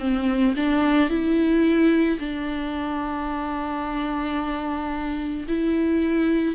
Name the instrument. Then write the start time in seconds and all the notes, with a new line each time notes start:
viola
0.00 C4
0.57 D4
1.10 E4
2.20 D4
5.48 E4